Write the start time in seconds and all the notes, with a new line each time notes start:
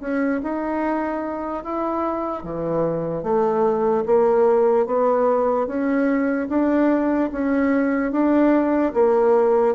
0.00 C#4
0.43 D#4
1.64 E4
2.43 E3
3.23 A3
4.06 A#3
4.86 B3
5.67 C#4
6.49 D4
7.32 C#4
8.12 D4
8.94 A#3